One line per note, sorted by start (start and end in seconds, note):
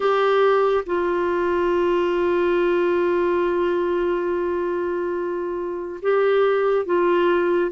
0.00 0.84 G4
0.86 6.00 F4
6.02 6.85 G4
6.85 7.71 F4